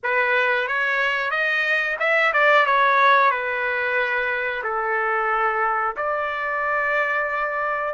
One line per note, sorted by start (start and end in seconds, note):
0.03 0.67 B4
0.67 1.30 C#5
1.30 1.96 D#5
1.99 2.32 E5
2.33 2.66 D5
2.66 3.30 C#5
3.30 4.62 B4
4.63 5.95 A4
5.96 7.93 D5